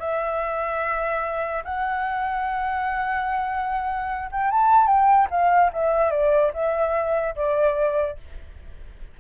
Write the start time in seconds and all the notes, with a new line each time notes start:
0.00 E5
1.65 F#5
4.32 G5
4.51 A5
4.87 G5
5.31 F5
5.73 E5
6.12 D5
6.54 E5
7.36 D5